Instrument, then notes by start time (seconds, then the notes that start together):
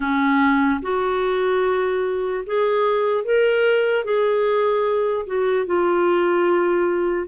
clarinet
0.00 C#4
0.82 F#4
2.46 G#4
3.24 A#4
4.04 G#4
5.26 F#4
5.65 F4